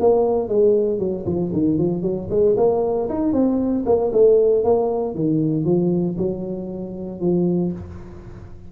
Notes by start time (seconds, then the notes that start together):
0.00 A#3
0.48 G#3
0.99 F#3
1.26 F3
1.53 D#3
1.78 F3
2.02 F#3
2.30 G#3
2.57 A#3
3.09 D#4
3.33 C4
3.86 A#3
4.12 A3
4.64 A#3
5.15 D#3
5.65 F3
6.18 F#3
7.21 F3